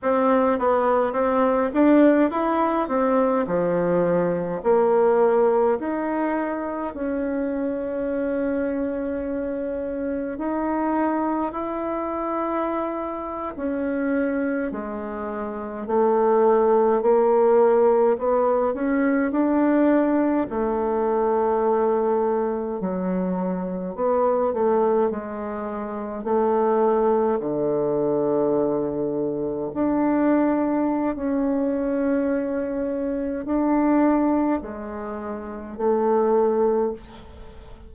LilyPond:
\new Staff \with { instrumentName = "bassoon" } { \time 4/4 \tempo 4 = 52 c'8 b8 c'8 d'8 e'8 c'8 f4 | ais4 dis'4 cis'2~ | cis'4 dis'4 e'4.~ e'16 cis'16~ | cis'8. gis4 a4 ais4 b16~ |
b16 cis'8 d'4 a2 fis16~ | fis8. b8 a8 gis4 a4 d16~ | d4.~ d16 d'4~ d'16 cis'4~ | cis'4 d'4 gis4 a4 | }